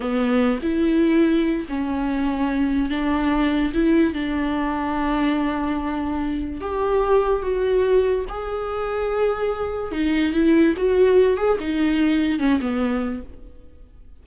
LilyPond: \new Staff \with { instrumentName = "viola" } { \time 4/4 \tempo 4 = 145 b4. e'2~ e'8 | cis'2. d'4~ | d'4 e'4 d'2~ | d'1 |
g'2 fis'2 | gis'1 | dis'4 e'4 fis'4. gis'8 | dis'2 cis'8 b4. | }